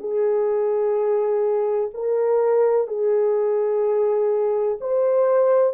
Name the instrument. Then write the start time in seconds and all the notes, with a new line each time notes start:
horn
0.00 G#4
1.94 A#4
2.88 G#4
4.81 C5